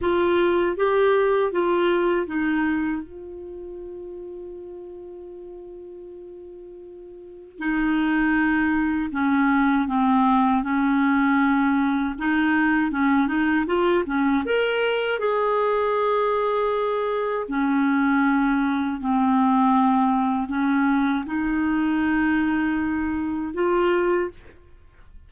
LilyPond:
\new Staff \with { instrumentName = "clarinet" } { \time 4/4 \tempo 4 = 79 f'4 g'4 f'4 dis'4 | f'1~ | f'2 dis'2 | cis'4 c'4 cis'2 |
dis'4 cis'8 dis'8 f'8 cis'8 ais'4 | gis'2. cis'4~ | cis'4 c'2 cis'4 | dis'2. f'4 | }